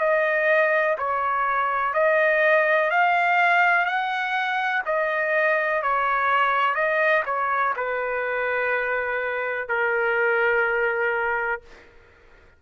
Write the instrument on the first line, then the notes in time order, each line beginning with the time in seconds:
trumpet
0.00 D#5
0.98 C#5
1.94 D#5
2.90 F5
3.86 F#5
4.86 D#5
5.83 C#5
6.75 D#5
7.26 C#5
7.76 B4
9.68 A#4